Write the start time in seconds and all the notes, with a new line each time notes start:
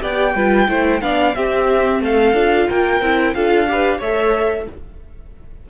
0.00 B3 G4 D5 G5
0.34 G3 F4 B4
0.68 A3 E4 C5
1.01 B3 D4 D5 F5
1.34 C4 G4 E5
2.00 A3 A4 F5
2.33 D4 F4
2.68 A#3 A#4 G5
3.01 C4 E4
3.34 D4 F4 A4 F5
3.67 G4 B4
3.98 A3 A4 C#5 E5